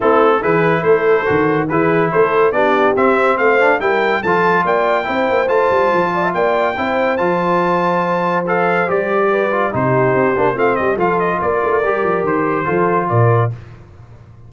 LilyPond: <<
  \new Staff \with { instrumentName = "trumpet" } { \time 4/4 \tempo 4 = 142 a'4 b'4 c''2 | b'4 c''4 d''4 e''4 | f''4 g''4 a''4 g''4~ | g''4 a''2 g''4~ |
g''4 a''2. | f''4 d''2 c''4~ | c''4 f''8 dis''8 f''8 dis''8 d''4~ | d''4 c''2 d''4 | }
  \new Staff \with { instrumentName = "horn" } { \time 4/4 e'4 gis'4 a'2 | gis'4 a'4 g'2 | c''4 ais'4 a'4 d''4 | c''2~ c''8 d''16 e''16 d''4 |
c''1~ | c''2 b'4 g'4~ | g'4 f'8 g'8 a'4 ais'4~ | ais'2 a'4 ais'4 | }
  \new Staff \with { instrumentName = "trombone" } { \time 4/4 c'4 e'2 fis'4 | e'2 d'4 c'4~ | c'8 d'8 e'4 f'2 | e'4 f'2. |
e'4 f'2. | a'4 g'4. f'8 dis'4~ | dis'8 d'8 c'4 f'2 | g'2 f'2 | }
  \new Staff \with { instrumentName = "tuba" } { \time 4/4 a4 e4 a4 dis4 | e4 a4 b4 c'4 | a4 g4 f4 ais4 | c'8 ais8 a8 g8 f4 ais4 |
c'4 f2.~ | f4 g2 c4 | c'8 ais8 a8 g8 f4 ais8 a8 | g8 f8 dis4 f4 ais,4 | }
>>